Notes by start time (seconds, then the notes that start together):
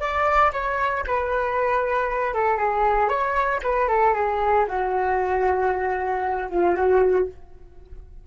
0.00 D5
0.53 C#5
1.07 B4
2.34 A4
2.57 G#4
3.09 C#5
3.63 B4
3.88 A4
4.14 G#4
4.68 F#4
6.50 F4
6.75 F#4